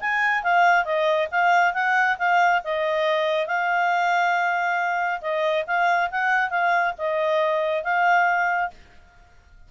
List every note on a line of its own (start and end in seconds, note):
0.00 0.43 G#5
0.43 0.85 F5
0.85 1.28 D#5
1.31 1.74 F5
1.74 2.17 F#5
2.19 2.62 F5
2.64 3.47 D#5
3.47 5.21 F5
5.21 5.65 D#5
5.67 6.10 F5
6.11 6.50 F#5
6.50 6.93 F5
6.98 7.84 D#5
7.84 8.71 F5